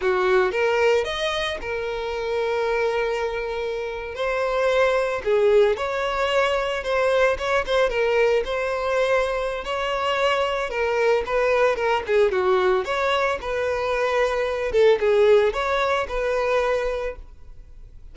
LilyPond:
\new Staff \with { instrumentName = "violin" } { \time 4/4 \tempo 4 = 112 fis'4 ais'4 dis''4 ais'4~ | ais'2.~ ais'8. c''16~ | c''4.~ c''16 gis'4 cis''4~ cis''16~ | cis''8. c''4 cis''8 c''8 ais'4 c''16~ |
c''2 cis''2 | ais'4 b'4 ais'8 gis'8 fis'4 | cis''4 b'2~ b'8 a'8 | gis'4 cis''4 b'2 | }